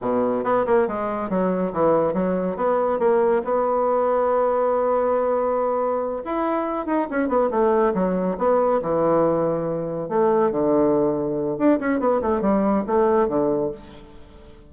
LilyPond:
\new Staff \with { instrumentName = "bassoon" } { \time 4/4 \tempo 4 = 140 b,4 b8 ais8 gis4 fis4 | e4 fis4 b4 ais4 | b1~ | b2~ b8 e'4. |
dis'8 cis'8 b8 a4 fis4 b8~ | b8 e2. a8~ | a8 d2~ d8 d'8 cis'8 | b8 a8 g4 a4 d4 | }